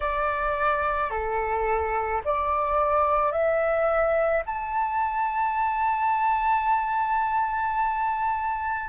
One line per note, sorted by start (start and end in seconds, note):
0.00 1.10 D5
1.10 2.21 A4
2.25 3.31 D5
3.31 4.42 E5
4.45 8.89 A5